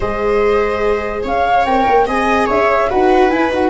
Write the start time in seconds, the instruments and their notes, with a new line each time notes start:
0.00 tuba G#3, viola G#4 C5, flute D#5
1.22 tuba C#4, viola C#5, flute F5
1.65 tuba C4, viola A#4, flute G5
1.87 tuba A#3
2.06 tuba C4, viola G#4 D#5, flute G#5
2.46 tuba C#4, viola C#5, flute E5
2.89 tuba D#4, viola F#4 B4, flute F#5
3.30 viola E4, tuba E4, flute G#5
3.51 tuba D#4, viola F#4, flute F#5